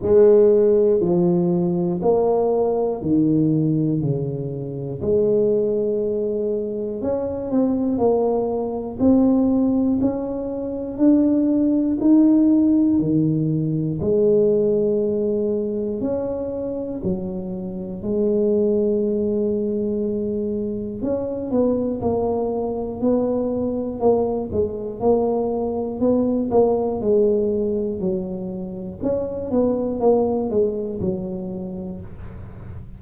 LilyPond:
\new Staff \with { instrumentName = "tuba" } { \time 4/4 \tempo 4 = 60 gis4 f4 ais4 dis4 | cis4 gis2 cis'8 c'8 | ais4 c'4 cis'4 d'4 | dis'4 dis4 gis2 |
cis'4 fis4 gis2~ | gis4 cis'8 b8 ais4 b4 | ais8 gis8 ais4 b8 ais8 gis4 | fis4 cis'8 b8 ais8 gis8 fis4 | }